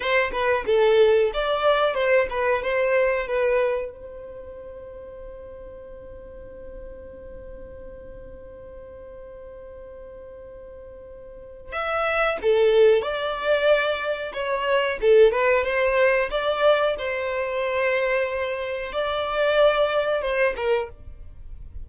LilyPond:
\new Staff \with { instrumentName = "violin" } { \time 4/4 \tempo 4 = 92 c''8 b'8 a'4 d''4 c''8 b'8 | c''4 b'4 c''2~ | c''1~ | c''1~ |
c''2 e''4 a'4 | d''2 cis''4 a'8 b'8 | c''4 d''4 c''2~ | c''4 d''2 c''8 ais'8 | }